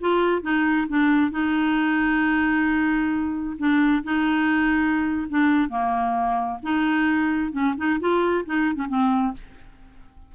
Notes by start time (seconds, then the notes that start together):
0.00 F4
0.42 D#4
0.88 D4
1.31 D#4
3.58 D4
4.03 D#4
5.29 D4
5.69 A#3
6.63 D#4
7.52 C#4
7.77 D#4
8.00 F4
8.45 D#4
8.75 C#4
8.88 C4